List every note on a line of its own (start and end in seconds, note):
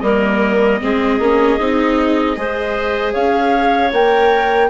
0.00 0.79 G3
0.00 0.81 A#3
0.00 0.80 A#4
0.00 3.12 D#5
0.81 1.19 G#3
0.81 1.20 C4
0.81 2.37 G#4
1.19 1.57 A#3
1.19 1.60 C#4
1.59 2.36 C4
1.59 2.35 D#4
2.35 3.14 G#3
2.35 3.91 G#4
2.35 3.13 C5
3.13 3.92 C#4
3.13 4.69 C#5
3.13 3.91 F5
3.92 4.69 A#3
3.92 4.69 A#4
3.92 4.69 G5